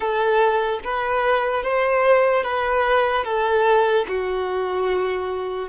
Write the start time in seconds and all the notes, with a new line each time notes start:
0.00 A4
0.83 B4
1.63 C5
2.43 B4
3.24 A4
4.08 F#4